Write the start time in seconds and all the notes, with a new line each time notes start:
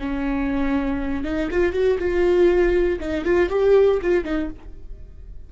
0.00 C#4
1.25 D#4
1.51 F4
1.73 F#4
1.99 F4
3.00 D#4
3.25 F4
3.50 G4
4.02 F4
4.24 D#4